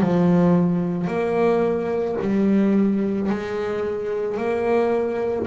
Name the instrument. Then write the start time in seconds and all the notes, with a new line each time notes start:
double bass
0.00 F3
1.07 A#3
2.21 G3
3.29 G#3
4.37 A#3